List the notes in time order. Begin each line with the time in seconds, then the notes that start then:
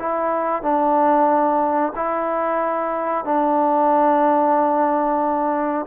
0.00 E4
0.63 D4
1.96 E4
3.25 D4